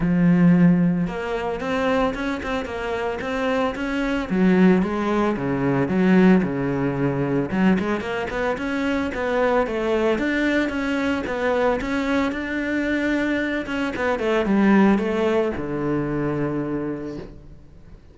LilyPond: \new Staff \with { instrumentName = "cello" } { \time 4/4 \tempo 4 = 112 f2 ais4 c'4 | cis'8 c'8 ais4 c'4 cis'4 | fis4 gis4 cis4 fis4 | cis2 fis8 gis8 ais8 b8 |
cis'4 b4 a4 d'4 | cis'4 b4 cis'4 d'4~ | d'4. cis'8 b8 a8 g4 | a4 d2. | }